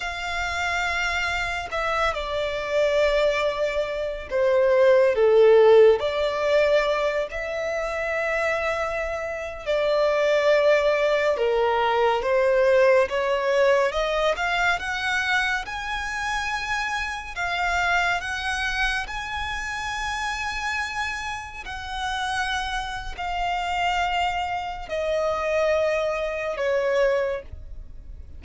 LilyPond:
\new Staff \with { instrumentName = "violin" } { \time 4/4 \tempo 4 = 70 f''2 e''8 d''4.~ | d''4 c''4 a'4 d''4~ | d''8 e''2~ e''8. d''8.~ | d''4~ d''16 ais'4 c''4 cis''8.~ |
cis''16 dis''8 f''8 fis''4 gis''4.~ gis''16~ | gis''16 f''4 fis''4 gis''4.~ gis''16~ | gis''4~ gis''16 fis''4.~ fis''16 f''4~ | f''4 dis''2 cis''4 | }